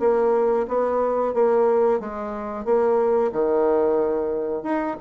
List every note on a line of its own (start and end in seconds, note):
0.00 0.67 A#3
0.68 1.34 B3
1.34 2.00 A#3
2.00 2.65 G#3
2.65 3.32 A#3
3.32 4.63 D#3
4.63 4.96 D#4